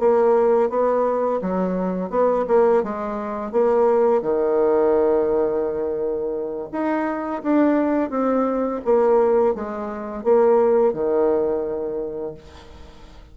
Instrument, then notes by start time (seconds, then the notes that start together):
bassoon
0.00 A#3
0.70 B3
1.42 F#3
2.10 B3
2.48 A#3
2.84 G#3
3.52 A#3
4.22 D#3
6.72 D#4
7.43 D4
8.10 C4
8.85 A#3
9.55 G#3
10.24 A#3
10.94 D#3